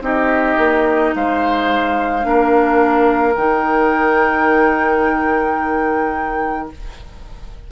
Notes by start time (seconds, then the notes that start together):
0.00 C4 D#4 G4 D#5
0.57 A#3
1.15 G#3 C5 F5
2.22 A#3 D4 A#4
3.35 D#3 D#4 G5